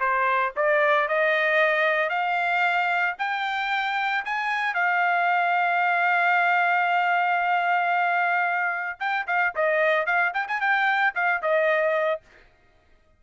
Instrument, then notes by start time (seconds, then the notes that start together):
trumpet
0.00 C5
0.56 D5
1.08 D#5
2.09 F5
3.19 G5
4.25 G#5
4.74 F5
9.00 G5
9.27 F5
9.56 D#5
10.06 F5
10.34 G5
10.48 G#5
10.61 G5
11.15 F5
11.42 D#5